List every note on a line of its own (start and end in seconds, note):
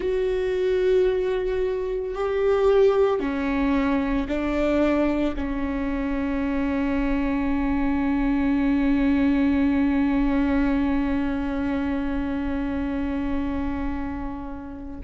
0.00 2.14 F#4
2.14 3.19 G4
3.19 4.27 C#4
4.28 5.35 D4
5.36 15.00 C#4